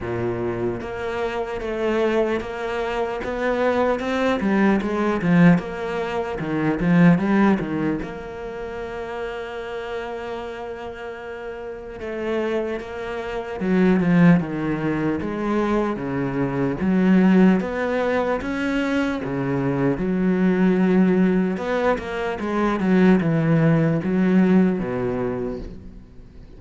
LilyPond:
\new Staff \with { instrumentName = "cello" } { \time 4/4 \tempo 4 = 75 ais,4 ais4 a4 ais4 | b4 c'8 g8 gis8 f8 ais4 | dis8 f8 g8 dis8 ais2~ | ais2. a4 |
ais4 fis8 f8 dis4 gis4 | cis4 fis4 b4 cis'4 | cis4 fis2 b8 ais8 | gis8 fis8 e4 fis4 b,4 | }